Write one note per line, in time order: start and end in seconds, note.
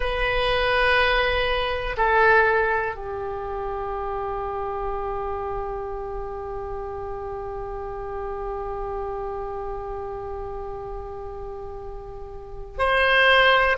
0.00 1.96 B4
1.97 2.95 A4
2.95 12.78 G4
12.78 13.77 C5